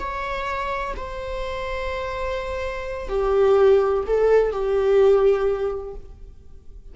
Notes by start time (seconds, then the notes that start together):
0.00 C#5
0.97 C5
3.09 G4
4.07 A4
4.52 G4